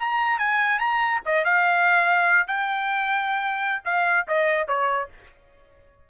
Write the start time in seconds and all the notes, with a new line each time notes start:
0.00 A#5
0.39 G#5
0.79 A#5
1.26 D#5
1.45 F5
2.48 G5
3.85 F5
4.28 D#5
4.68 C#5